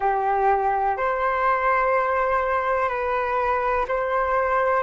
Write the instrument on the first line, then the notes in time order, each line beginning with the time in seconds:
flute
0.00 G4
0.97 C5
2.88 B4
3.88 C5